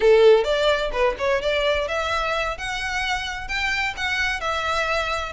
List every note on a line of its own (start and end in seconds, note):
0.00 0.44 A4
0.44 0.90 D5
0.92 1.15 B4
1.18 1.41 C#5
1.41 1.88 D5
1.88 2.57 E5
2.57 3.48 F#5
3.48 3.94 G5
3.96 4.40 F#5
4.40 5.32 E5